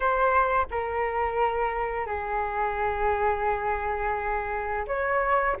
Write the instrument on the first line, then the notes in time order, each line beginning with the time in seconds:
flute
0.00 C5
0.70 A#4
2.06 G#4
4.87 C#5